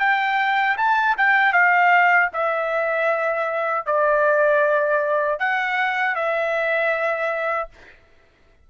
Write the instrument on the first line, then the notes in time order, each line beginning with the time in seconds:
trumpet
0.00 G5
0.78 A5
1.18 G5
1.53 F5
2.34 E5
3.86 D5
5.40 F#5
6.16 E5